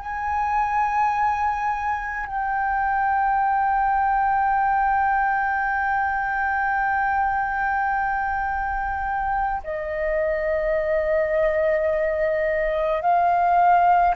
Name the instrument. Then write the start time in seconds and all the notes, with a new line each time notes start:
flute
0.00 G#5
2.26 G5
9.64 D#5
13.02 F5